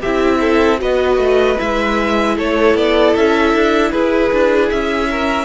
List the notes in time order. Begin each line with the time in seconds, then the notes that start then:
0.00 C4 E4 G4 E5
0.41 A4
0.79 B3 F#4 B4 D#5
1.18 A3
1.57 G#3 E4 E5
2.36 A3 A4 C#5
2.75 B3 D5
3.16 C#4 E5
3.54 D4
3.92 E4 G#4 B4
4.33 D4
4.70 C#4 E5
5.11 A#4